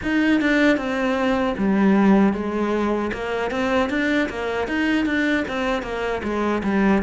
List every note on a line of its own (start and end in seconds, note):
0.02 0.40 D#4
0.40 0.77 D4
0.77 1.54 C4
1.57 2.33 G3
2.33 3.11 G#3
3.13 3.51 A#3
3.51 3.89 C4
3.89 4.28 D4
4.29 4.67 A#3
4.67 5.05 D#4
5.05 5.44 D4
5.48 5.82 C4
5.82 6.21 A#3
6.23 6.62 G#3
6.63 7.02 G3